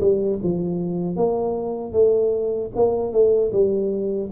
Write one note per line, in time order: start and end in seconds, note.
0.00 0.39 G3
0.43 1.16 F3
1.16 1.92 A#3
1.92 2.70 A3
2.75 3.13 A#3
3.13 3.52 A3
3.52 4.30 G3